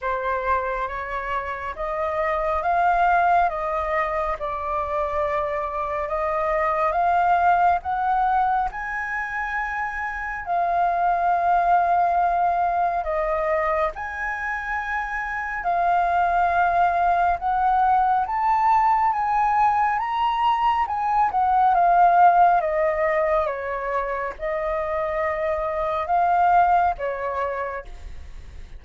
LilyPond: \new Staff \with { instrumentName = "flute" } { \time 4/4 \tempo 4 = 69 c''4 cis''4 dis''4 f''4 | dis''4 d''2 dis''4 | f''4 fis''4 gis''2 | f''2. dis''4 |
gis''2 f''2 | fis''4 a''4 gis''4 ais''4 | gis''8 fis''8 f''4 dis''4 cis''4 | dis''2 f''4 cis''4 | }